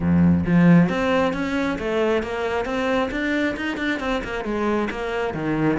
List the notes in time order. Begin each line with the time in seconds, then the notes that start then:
0.00 F2
0.46 F3
0.89 C4
1.33 C#4
1.79 A3
2.22 A#3
2.65 C4
3.11 D4
3.56 D#4
3.77 D4
3.99 C4
4.24 A#3
4.44 G#3
4.90 A#3
5.34 D#3